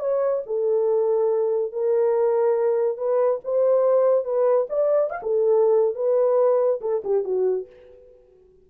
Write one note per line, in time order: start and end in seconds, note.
0.00 0.43 C#5
0.46 1.72 A4
1.72 2.98 A#4
2.98 3.40 B4
3.44 4.25 C5
4.25 4.67 B4
4.69 5.10 D5
5.10 5.21 F5
5.23 5.95 A4
5.95 6.80 B4
6.81 7.03 A4
7.04 7.24 G4
7.24 7.67 F#4